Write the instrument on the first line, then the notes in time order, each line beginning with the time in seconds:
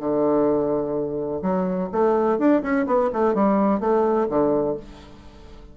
bassoon
0.00 D3
1.42 F#3
1.92 A3
2.39 D4
2.63 C#4
2.87 B3
3.13 A3
3.35 G3
3.80 A3
4.29 D3